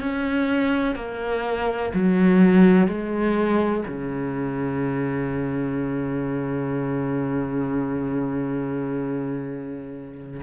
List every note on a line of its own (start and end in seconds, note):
0.00 0.95 C#4
0.95 1.92 A#3
1.94 2.87 F#3
2.87 3.84 G#3
3.88 10.41 C#3